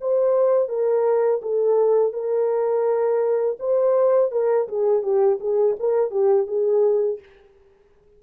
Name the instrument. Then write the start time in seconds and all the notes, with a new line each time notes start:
horn
0.00 C5
0.68 A#4
1.41 A4
2.13 A#4
3.59 C5
4.31 A#4
4.68 G#4
5.02 G4
5.40 G#4
5.79 A#4
6.10 G4
6.47 G#4